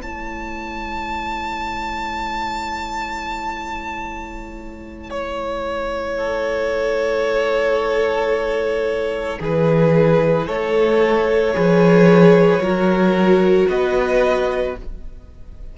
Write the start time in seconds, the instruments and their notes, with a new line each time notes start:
0.00 cello A3, viola E4, violin C#5 A5
5.10 violin C#5
6.17 violin A4
9.40 cello E3, violin G#4 B4
10.46 cello A3, violin A4 C#5
11.53 cello F3, viola G#4, violin B4
12.58 cello F#3, viola F#4, violin A#4
13.67 cello B3, violin B4 D#5